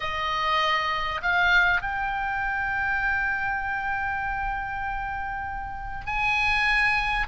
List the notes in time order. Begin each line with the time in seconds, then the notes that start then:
0.00 D#5
1.22 F5
1.81 G5
6.06 G#5